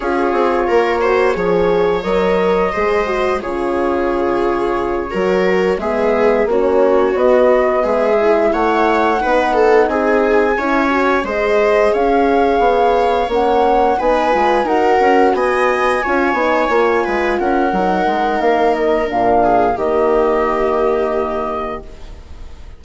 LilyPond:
<<
  \new Staff \with { instrumentName = "flute" } { \time 4/4 \tempo 4 = 88 cis''2. dis''4~ | dis''4 cis''2.~ | cis''8 e''4 cis''4 dis''4 e''8~ | e''8 fis''2 gis''4.~ |
gis''8 dis''4 f''2 fis''8~ | fis''8 gis''4 fis''4 gis''4.~ | gis''4. fis''4. f''8 dis''8 | f''4 dis''2. | }
  \new Staff \with { instrumentName = "viola" } { \time 4/4 gis'4 ais'8 c''8 cis''2 | c''4 gis'2~ gis'8 ais'8~ | ais'8 gis'4 fis'2 gis'8~ | gis'8 cis''4 b'8 a'8 gis'4 cis''8~ |
cis''8 c''4 cis''2~ cis''8~ | cis''8 b'4 ais'4 dis''4 cis''8~ | cis''4 b'8 ais'2~ ais'8~ | ais'8 gis'8 g'2. | }
  \new Staff \with { instrumentName = "horn" } { \time 4/4 f'4. fis'8 gis'4 ais'4 | gis'8 fis'8 f'2~ f'8 fis'8~ | fis'8 b4 cis'4 b4. | e'4. dis'2 e'8 |
fis'8 gis'2. cis'8~ | cis'8 dis'8 f'8 fis'2 f'8 | dis'8 f'4. dis'2 | d'4 ais2. | }
  \new Staff \with { instrumentName = "bassoon" } { \time 4/4 cis'8 c'8 ais4 f4 fis4 | gis4 cis2~ cis8 fis8~ | fis8 gis4 ais4 b4 gis8~ | gis8 a4 b4 c'4 cis'8~ |
cis'8 gis4 cis'4 b4 ais8~ | ais8 b8 gis8 dis'8 cis'8 b4 cis'8 | b8 ais8 gis8 cis'8 fis8 gis8 ais4 | ais,4 dis2. | }
>>